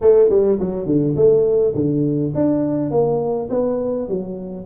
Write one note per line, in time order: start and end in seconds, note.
0.01 0.29 A3
0.29 0.58 G3
0.59 0.86 F#3
0.86 1.15 D3
1.16 1.74 A3
1.74 2.32 D3
2.34 2.90 D4
2.90 3.49 A#3
3.50 4.08 B3
4.08 4.65 F#3